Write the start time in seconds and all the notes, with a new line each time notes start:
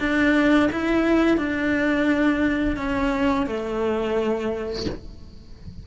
0.00 D4
0.72 E4
1.38 D4
2.77 C#4
3.46 A3